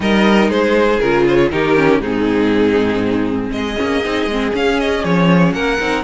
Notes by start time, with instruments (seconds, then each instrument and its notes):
0.00 cello G3, viola D#4, violin A#4 D#5
0.49 cello G#3, violin G#4 C5
0.99 cello C#3, viola F4, violin A#4
1.27 violin C5
1.36 violin C#5
1.51 cello D#3, viola D#4, violin G4 A#4
1.76 viola C#4
1.99 cello G#2, viola C4, violin D#4 G#4
3.50 cello G#3, violin G#4 D#5
3.76 cello A#3, viola C#4
4.04 cello C4, viola D#4
4.26 cello G#3, viola C4
4.52 viola C#4, cello C#4, violin F5
4.79 violin D#5
5.03 cello F3, violin C#5
5.53 cello A#3, violin A#4 F#5
5.80 cello C4, viola D#4